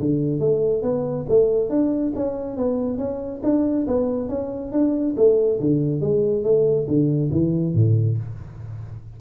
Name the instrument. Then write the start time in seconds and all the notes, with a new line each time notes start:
tuba
0.00 D3
0.40 A3
0.83 B3
1.29 A3
1.70 D4
2.16 C#4
2.57 B3
2.98 C#4
3.43 D4
3.88 B3
4.29 C#4
4.72 D4
5.17 A3
5.60 D3
6.01 G#3
6.44 A3
6.88 D3
7.31 E3
7.75 A2